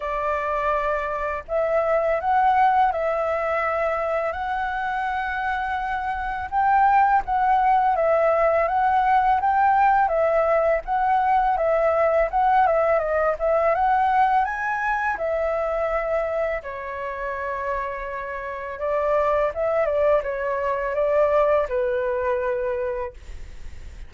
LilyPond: \new Staff \with { instrumentName = "flute" } { \time 4/4 \tempo 4 = 83 d''2 e''4 fis''4 | e''2 fis''2~ | fis''4 g''4 fis''4 e''4 | fis''4 g''4 e''4 fis''4 |
e''4 fis''8 e''8 dis''8 e''8 fis''4 | gis''4 e''2 cis''4~ | cis''2 d''4 e''8 d''8 | cis''4 d''4 b'2 | }